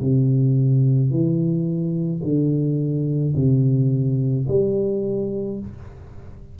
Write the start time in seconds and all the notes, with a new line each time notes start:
0.00 C3
1.10 E3
2.23 D3
3.35 C3
4.48 G3